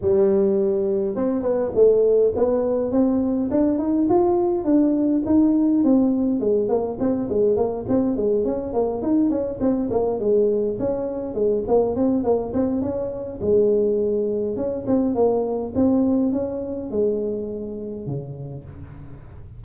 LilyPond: \new Staff \with { instrumentName = "tuba" } { \time 4/4 \tempo 4 = 103 g2 c'8 b8 a4 | b4 c'4 d'8 dis'8 f'4 | d'4 dis'4 c'4 gis8 ais8 | c'8 gis8 ais8 c'8 gis8 cis'8 ais8 dis'8 |
cis'8 c'8 ais8 gis4 cis'4 gis8 | ais8 c'8 ais8 c'8 cis'4 gis4~ | gis4 cis'8 c'8 ais4 c'4 | cis'4 gis2 cis4 | }